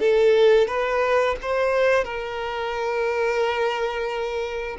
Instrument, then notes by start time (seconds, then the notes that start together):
violin
0.00 A4
0.68 B4
1.42 C5
2.05 A#4